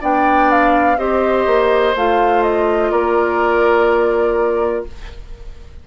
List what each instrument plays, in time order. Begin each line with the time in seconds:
0.00 bassoon B3, clarinet D4, oboe D5, flute G5
0.51 flute F5
0.97 bassoon C4, clarinet G4, oboe C5, flute D#5
1.46 bassoon A#3
1.95 bassoon A3, clarinet F4, flute F5
2.42 flute D#5
2.91 bassoon A#3, oboe A#4, flute D5